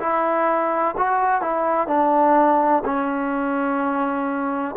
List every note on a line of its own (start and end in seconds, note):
0.00 0.95 E4
0.98 1.42 F#4
1.42 1.88 E4
1.88 2.83 D4
2.85 4.76 C#4